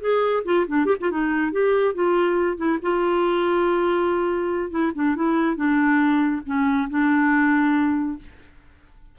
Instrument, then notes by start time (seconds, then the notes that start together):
clarinet
0.00 G#4
0.45 F4
0.67 D4
0.85 G4
1.00 F4
1.10 D#4
1.52 G4
1.94 F4
2.57 E4
2.81 F4
4.70 E4
4.94 D4
5.15 E4
5.55 D4
6.45 C#4
6.89 D4